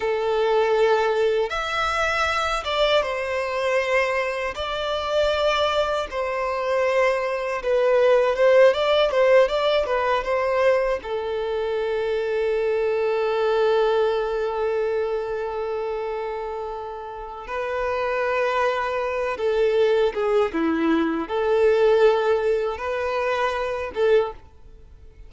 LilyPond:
\new Staff \with { instrumentName = "violin" } { \time 4/4 \tempo 4 = 79 a'2 e''4. d''8 | c''2 d''2 | c''2 b'4 c''8 d''8 | c''8 d''8 b'8 c''4 a'4.~ |
a'1~ | a'2. b'4~ | b'4. a'4 gis'8 e'4 | a'2 b'4. a'8 | }